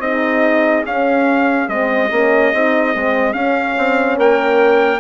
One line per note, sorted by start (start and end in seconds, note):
0.00 0.83 C4
0.00 0.85 D#4
0.00 4.17 G#4
0.00 0.84 D#5
0.85 1.68 C#4
0.85 1.69 C#4
0.85 1.69 F5
1.69 2.11 G#3
1.69 2.10 C4
1.69 3.34 D#5
2.12 2.53 A#3
2.12 2.54 C#4
2.54 2.95 C4
2.54 2.95 D#4
2.95 3.35 G#3
2.95 3.34 C4
3.34 5.00 C#4
3.34 3.76 C#4
3.34 4.17 F5
3.78 4.18 C4
4.17 5.01 A#3
4.17 5.01 A#4
4.17 5.01 G5